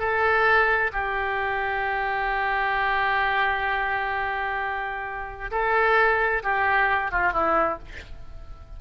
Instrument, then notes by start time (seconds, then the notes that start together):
oboe
0.00 A4
0.93 G4
5.51 A4
6.44 G4
7.12 F4
7.33 E4